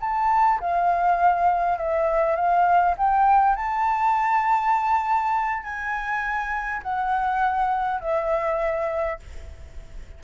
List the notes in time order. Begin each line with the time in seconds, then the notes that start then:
0.00 A5
0.60 F5
1.78 E5
2.35 F5
2.97 G5
3.56 A5
5.63 G#5
6.83 F#5
8.00 E5